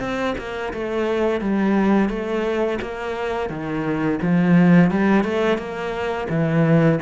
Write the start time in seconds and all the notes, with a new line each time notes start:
0.00 C4
0.38 A#3
0.73 A3
1.41 G3
2.09 A3
2.82 A#3
3.49 D#3
4.22 F3
4.91 G3
5.24 A3
5.58 A#3
6.29 E3